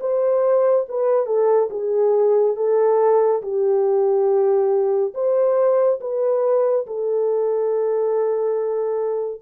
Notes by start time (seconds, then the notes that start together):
0.00 C5
0.89 B4
1.26 A4
1.70 G#4
2.56 A4
3.42 G4
5.14 C5
6.00 B4
6.87 A4